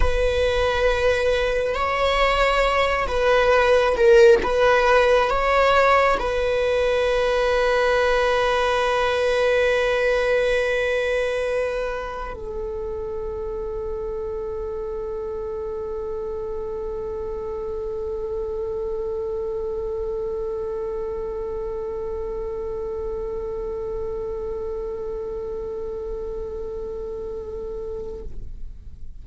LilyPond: \new Staff \with { instrumentName = "viola" } { \time 4/4 \tempo 4 = 68 b'2 cis''4. b'8~ | b'8 ais'8 b'4 cis''4 b'4~ | b'1~ | b'2 a'2~ |
a'1~ | a'1~ | a'1~ | a'1 | }